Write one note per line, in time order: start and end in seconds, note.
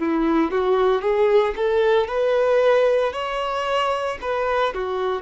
0.00 0.52 E4
0.52 1.02 F#4
1.02 1.55 G#4
1.57 2.08 A4
2.08 3.13 B4
3.13 4.19 C#5
4.22 4.74 B4
4.74 5.22 F#4